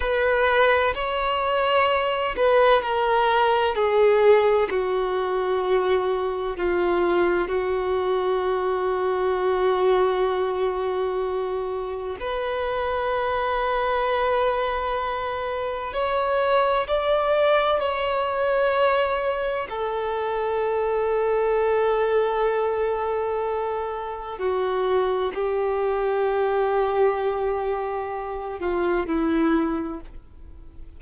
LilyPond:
\new Staff \with { instrumentName = "violin" } { \time 4/4 \tempo 4 = 64 b'4 cis''4. b'8 ais'4 | gis'4 fis'2 f'4 | fis'1~ | fis'4 b'2.~ |
b'4 cis''4 d''4 cis''4~ | cis''4 a'2.~ | a'2 fis'4 g'4~ | g'2~ g'8 f'8 e'4 | }